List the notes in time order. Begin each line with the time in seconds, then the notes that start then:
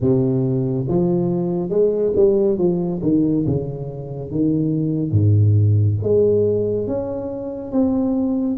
0.00 C3
0.88 F3
1.69 G#3
2.15 G3
2.58 F3
3.02 D#3
3.46 C#3
4.31 D#3
5.11 G#2
6.02 G#3
6.86 C#4
7.71 C4